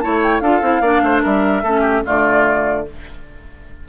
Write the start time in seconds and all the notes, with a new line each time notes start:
0.00 E4 C#5 A5
0.06 A3
0.23 G5
0.40 D4 F4 A4 F5
0.62 C4 E4
0.81 A#3 D4 D5
1.03 A3 C5
1.23 G3 A#4 E5
1.63 A3 C#4 A4
1.81 G4
2.05 D3 A3 F4 D5